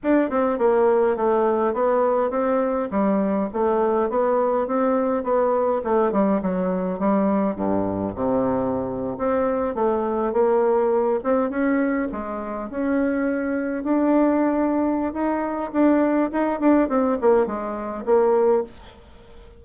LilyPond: \new Staff \with { instrumentName = "bassoon" } { \time 4/4 \tempo 4 = 103 d'8 c'8 ais4 a4 b4 | c'4 g4 a4 b4 | c'4 b4 a8 g8 fis4 | g4 g,4 c4.~ c16 c'16~ |
c'8. a4 ais4. c'8 cis'16~ | cis'8. gis4 cis'2 d'16~ | d'2 dis'4 d'4 | dis'8 d'8 c'8 ais8 gis4 ais4 | }